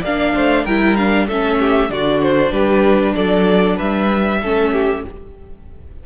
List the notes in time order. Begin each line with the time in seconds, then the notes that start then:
0.00 A#3 D4 D5 F5
0.34 A3 C5
0.64 G3 E4 A#4 G5
0.96 D4 F5
1.26 A3 C#4 A4 E5
1.59 G4
1.89 D3 D4 F#4 D5
2.22 C5
2.51 G3 G4 B4
3.15 F#3 A4 D5
3.76 G3 B4 E5
4.41 A3 C#4 A4
4.72 G4